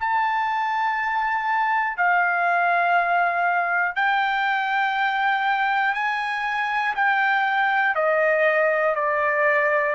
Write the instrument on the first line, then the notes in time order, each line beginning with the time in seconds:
trumpet
0.00 A5
1.97 F5
3.96 G5
5.94 G#5
6.95 G5
7.95 D#5
8.95 D5